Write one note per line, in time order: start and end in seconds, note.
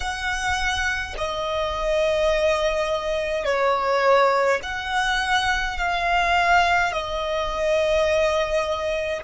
0.00 1.14 F#5
1.17 3.45 D#5
3.45 4.60 C#5
4.63 5.77 F#5
5.77 6.92 F5
6.92 9.23 D#5